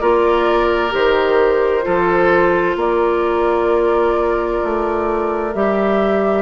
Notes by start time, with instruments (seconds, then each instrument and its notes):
0.00 bassoon A#3, clarinet F4, oboe A#4, flute D5
0.90 bassoon D#3, clarinet G4, flute C5
1.82 bassoon F3, clarinet F4, oboe A4
2.76 bassoon A#3, oboe A#4, flute D5
4.63 bassoon A3
5.54 bassoon G3, clarinet G4, flute E5